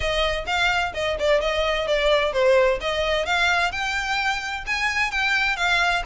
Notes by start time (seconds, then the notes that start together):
0.00 D#5
0.46 F5
0.94 D#5
1.19 D5
1.40 D#5
1.87 D5
2.32 C5
2.80 D#5
3.25 F5
3.71 G5
4.66 G#5
5.11 G5
5.56 F5